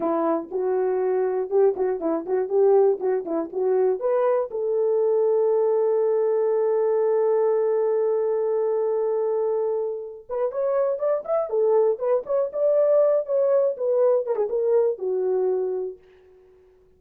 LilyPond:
\new Staff \with { instrumentName = "horn" } { \time 4/4 \tempo 4 = 120 e'4 fis'2 g'8 fis'8 | e'8 fis'8 g'4 fis'8 e'8 fis'4 | b'4 a'2.~ | a'1~ |
a'1~ | a'8 b'8 cis''4 d''8 e''8 a'4 | b'8 cis''8 d''4. cis''4 b'8~ | b'8 ais'16 gis'16 ais'4 fis'2 | }